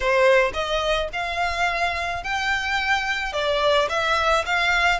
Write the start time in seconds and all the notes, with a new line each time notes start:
0.00 C5
0.53 D#5
1.12 F5
2.23 G5
3.32 D5
3.89 E5
4.45 F5